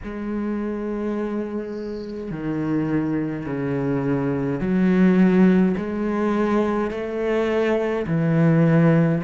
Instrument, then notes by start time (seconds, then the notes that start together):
cello
0.03 G#3
2.31 D#3
3.46 C#3
4.60 F#3
5.77 G#3
6.90 A3
8.07 E3